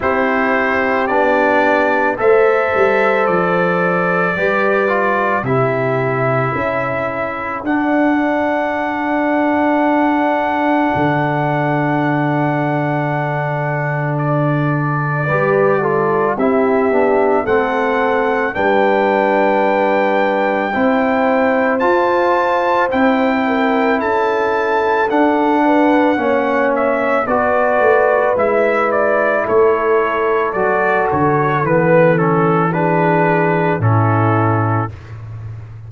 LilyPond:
<<
  \new Staff \with { instrumentName = "trumpet" } { \time 4/4 \tempo 4 = 55 c''4 d''4 e''4 d''4~ | d''4 e''2 fis''4~ | fis''1~ | fis''4 d''2 e''4 |
fis''4 g''2. | a''4 g''4 a''4 fis''4~ | fis''8 e''8 d''4 e''8 d''8 cis''4 | d''8 cis''8 b'8 a'8 b'4 a'4 | }
  \new Staff \with { instrumentName = "horn" } { \time 4/4 g'2 c''2 | b'4 g'4 a'2~ | a'1~ | a'2 b'8 a'8 g'4 |
a'4 b'2 c''4~ | c''4. ais'8 a'4. b'8 | cis''4 b'2 a'4~ | a'2 gis'4 e'4 | }
  \new Staff \with { instrumentName = "trombone" } { \time 4/4 e'4 d'4 a'2 | g'8 f'8 e'2 d'4~ | d'1~ | d'2 g'8 f'8 e'8 d'8 |
c'4 d'2 e'4 | f'4 e'2 d'4 | cis'4 fis'4 e'2 | fis'4 b8 cis'8 d'4 cis'4 | }
  \new Staff \with { instrumentName = "tuba" } { \time 4/4 c'4 b4 a8 g8 f4 | g4 c4 cis'4 d'4~ | d'2 d2~ | d2 g4 c'8 b8 |
a4 g2 c'4 | f'4 c'4 cis'4 d'4 | ais4 b8 a8 gis4 a4 | fis8 d8 e2 a,4 | }
>>